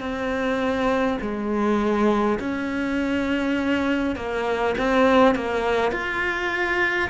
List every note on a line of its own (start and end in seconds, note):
0.00 1.18 C4
1.21 2.39 G#3
2.39 4.16 C#4
4.16 4.74 A#3
4.78 5.35 C4
5.35 5.91 A#3
5.91 7.09 F4